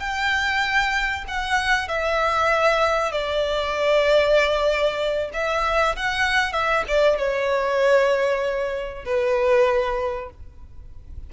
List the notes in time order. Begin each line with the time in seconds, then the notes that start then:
0.00 G5
1.28 F#5
1.88 E5
3.12 D5
5.34 E5
5.96 F#5
6.53 E5
6.88 D5
7.18 C#5
9.05 B4